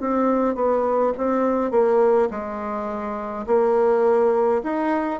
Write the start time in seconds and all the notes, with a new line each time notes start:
0.00 C4
0.55 B3
1.17 C4
1.70 A#3
2.30 G#3
3.46 A#3
4.63 D#4